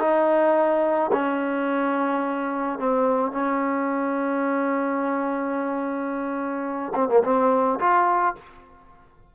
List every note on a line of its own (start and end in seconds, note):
0.00 1.11 D#4
1.13 2.79 C#4
2.79 3.32 C4
3.32 6.93 C#4
6.95 7.09 C4
7.09 7.23 A#3
7.24 7.80 C4
7.80 8.35 F4